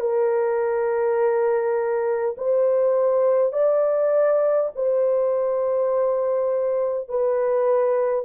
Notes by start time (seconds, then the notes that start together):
0.00 A#4
2.37 C5
3.52 D5
4.75 C5
7.09 B4